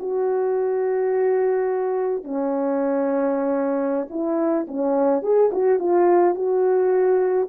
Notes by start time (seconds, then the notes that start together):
0.00 F#4
2.25 C#4
4.10 E4
4.68 C#4
5.23 G#4
5.52 F#4
5.80 F4
6.35 F#4